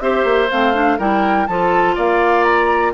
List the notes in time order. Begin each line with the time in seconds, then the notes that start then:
0.00 C4 G4 C5 E5
0.24 A#3
0.50 A3 C4 F5
0.73 D4
0.98 G3 E4 A#4 G5
1.46 F3 F4 A4 A5
1.95 A#3 D5 F5
2.43 A#5